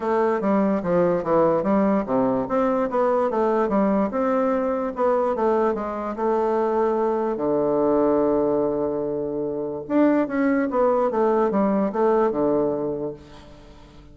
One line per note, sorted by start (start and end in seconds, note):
0.00 0.40 A3
0.40 0.81 G3
0.82 1.23 F3
1.23 1.63 E3
1.63 2.04 G3
2.05 2.47 C3
2.48 2.89 C4
2.90 3.30 B3
3.30 3.68 A3
3.68 4.09 G3
4.10 4.93 C4
4.95 5.35 B3
5.35 5.74 A3
5.74 6.15 G#3
6.16 7.36 A3
7.36 9.83 D3
9.88 10.27 D4
10.27 10.68 C#4
10.70 11.11 B3
11.11 11.51 A3
11.51 11.92 G3
11.92 12.31 A3
12.31 13.13 D3